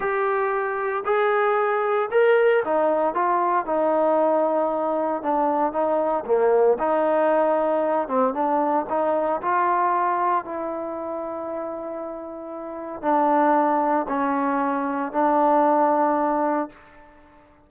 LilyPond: \new Staff \with { instrumentName = "trombone" } { \time 4/4 \tempo 4 = 115 g'2 gis'2 | ais'4 dis'4 f'4 dis'4~ | dis'2 d'4 dis'4 | ais4 dis'2~ dis'8 c'8 |
d'4 dis'4 f'2 | e'1~ | e'4 d'2 cis'4~ | cis'4 d'2. | }